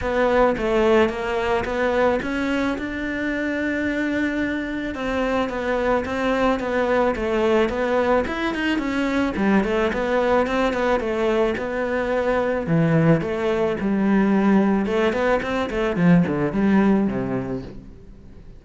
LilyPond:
\new Staff \with { instrumentName = "cello" } { \time 4/4 \tempo 4 = 109 b4 a4 ais4 b4 | cis'4 d'2.~ | d'4 c'4 b4 c'4 | b4 a4 b4 e'8 dis'8 |
cis'4 g8 a8 b4 c'8 b8 | a4 b2 e4 | a4 g2 a8 b8 | c'8 a8 f8 d8 g4 c4 | }